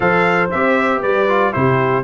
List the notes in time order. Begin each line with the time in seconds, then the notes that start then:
0.00 F3 A4 C5 F5
0.50 C4 G4 E5
1.00 G3 B4 D5
1.28 F4
1.52 C3 E4 G4 C5